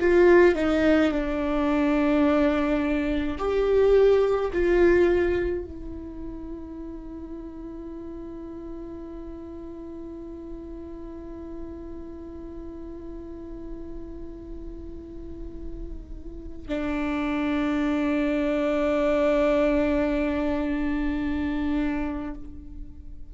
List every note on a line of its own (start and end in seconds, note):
0.00 0.55 F4
0.55 1.12 D#4
1.12 3.38 D4
3.39 4.52 G4
4.53 5.65 F4
5.65 16.68 E4
16.68 22.34 D4